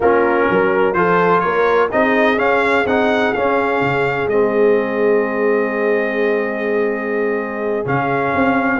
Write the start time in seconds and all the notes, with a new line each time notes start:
0.00 A#3 C#4 F4 A#4
0.50 F#3 A#4
0.93 F3 F4 A4 C5
1.40 A#3 A#4 C#5
1.91 C4 D#4 G#4 D#5
2.37 C#4 F5
2.85 C4 D#4 F#5
3.33 C#4 F5
3.81 C#3
4.27 G#3 C4 D#5
7.85 C#3 C#4 F5
8.34 C4